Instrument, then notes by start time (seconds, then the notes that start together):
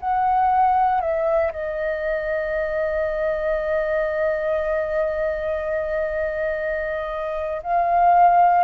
flute
0.00 F#5
1.01 E5
1.52 D#5
7.63 F5